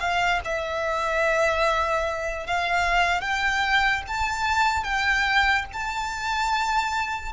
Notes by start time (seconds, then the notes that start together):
0.00 F5
0.45 E5
2.47 F5
3.21 G5
4.08 A5
4.84 G5
5.73 A5